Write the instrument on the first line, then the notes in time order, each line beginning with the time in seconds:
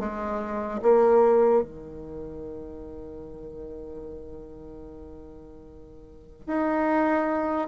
bassoon
0.00 G#3
0.83 A#3
1.63 D#3
6.48 D#4